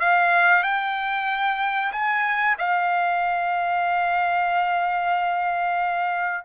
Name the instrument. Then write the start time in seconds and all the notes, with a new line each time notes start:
trumpet
0.00 F5
0.63 G5
1.92 G#5
2.58 F5